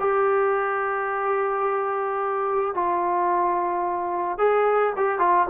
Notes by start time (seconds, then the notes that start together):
0.00 G4
2.74 F4
4.38 G#4
4.96 G4
5.19 F4